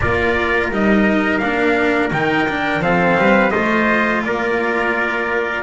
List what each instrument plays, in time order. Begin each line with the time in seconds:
0.00 double bass A#3, cello F4, trumpet A#4 D5
0.70 double bass G3, cello D#4, trumpet D#5
1.38 double bass A#3, cello D4, trumpet F5
2.11 double bass D#3, cello D#4, trumpet G5
2.48 cello D4
2.80 double bass F3, cello C4, trumpet A4 F5
3.17 double bass G3, trumpet B4
3.50 double bass A3, cello F4, trumpet C5 D#5
4.24 double bass A#3, trumpet A#4 D5